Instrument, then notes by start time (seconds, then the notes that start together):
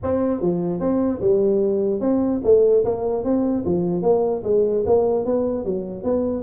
tuba
0.03 C4
0.41 F3
0.80 C4
1.21 G3
2.00 C4
2.44 A3
2.84 A#3
3.24 C4
3.65 F3
4.02 A#3
4.43 G#3
4.86 A#3
5.25 B3
5.64 F#3
6.03 B3